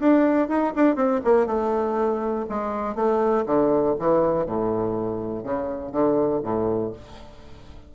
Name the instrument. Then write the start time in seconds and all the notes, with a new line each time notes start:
bassoon
0.00 D4
0.49 D#4
0.76 D4
0.96 C4
1.25 A#3
1.47 A3
2.50 G#3
2.96 A3
3.46 D3
4.00 E3
4.47 A2
5.44 C#3
5.92 D3
6.43 A2